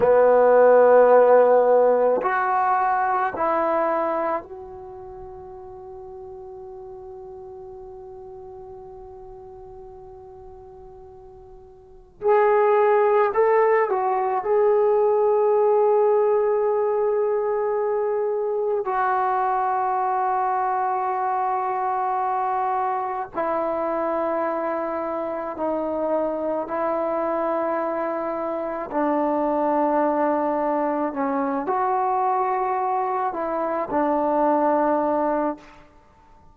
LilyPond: \new Staff \with { instrumentName = "trombone" } { \time 4/4 \tempo 4 = 54 b2 fis'4 e'4 | fis'1~ | fis'2. gis'4 | a'8 fis'8 gis'2.~ |
gis'4 fis'2.~ | fis'4 e'2 dis'4 | e'2 d'2 | cis'8 fis'4. e'8 d'4. | }